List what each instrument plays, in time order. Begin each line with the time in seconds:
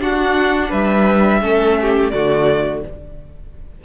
0.00 viola D4, cello D4, violin F#4 F#5
0.69 cello G3, violin B4 E5
1.41 cello A3, viola C#4, violin A4
1.81 violin G4
2.10 cello D3, viola A3, violin F#4 D5